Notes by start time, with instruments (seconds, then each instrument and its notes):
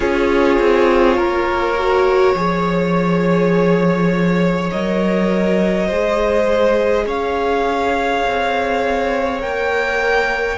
0.00 cello C#4, viola F4, violin G#4 C#5
0.60 cello C4
1.16 cello A#3, violin A#4
1.77 viola F#4
2.34 cello F3, viola G#4, violin C#5
4.71 cello F#3, viola A#4, violin D#5
5.87 cello G#3, viola G#4, violin C5
7.06 cello C#4, violin C#5 F5
8.27 cello C4
9.40 cello A#3, viola A#4, violin G5